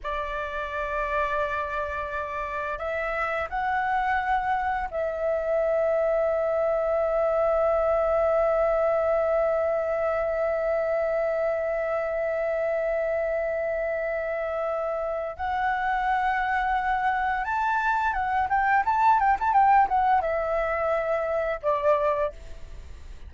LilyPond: \new Staff \with { instrumentName = "flute" } { \time 4/4 \tempo 4 = 86 d''1 | e''4 fis''2 e''4~ | e''1~ | e''1~ |
e''1~ | e''2 fis''2~ | fis''4 a''4 fis''8 g''8 a''8 g''16 a''16 | g''8 fis''8 e''2 d''4 | }